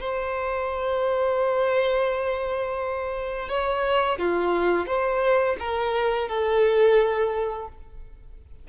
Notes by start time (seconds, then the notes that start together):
0.00 C5
3.49 C#5
4.18 F4
4.86 C5
5.59 A#4
6.29 A4